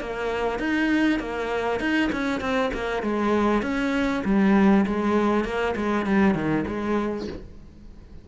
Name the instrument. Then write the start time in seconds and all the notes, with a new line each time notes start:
cello
0.00 A#3
0.59 D#4
1.19 A#3
1.80 D#4
2.12 C#4
2.40 C4
2.74 A#3
3.02 G#3
3.62 C#4
4.25 G3
4.86 G#3
5.44 A#3
5.76 G#3
6.06 G3
6.34 D#3
6.67 G#3